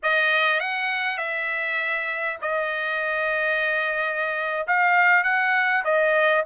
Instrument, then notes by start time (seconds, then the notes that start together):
trumpet
0.02 D#5
0.60 F#5
1.17 E5
2.41 D#5
4.67 F5
5.23 F#5
5.84 D#5